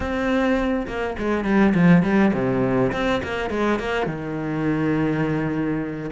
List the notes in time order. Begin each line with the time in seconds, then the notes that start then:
0.00 C4
0.87 A#3
1.18 G#3
1.44 G3
1.74 F3
2.03 G3
2.33 C3
2.92 C4
3.23 A#3
3.50 G#3
3.79 A#3
4.06 D#3